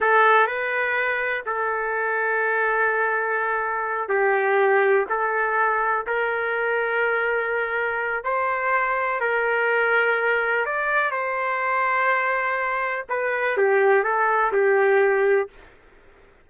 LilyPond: \new Staff \with { instrumentName = "trumpet" } { \time 4/4 \tempo 4 = 124 a'4 b'2 a'4~ | a'1~ | a'8 g'2 a'4.~ | a'8 ais'2.~ ais'8~ |
ais'4 c''2 ais'4~ | ais'2 d''4 c''4~ | c''2. b'4 | g'4 a'4 g'2 | }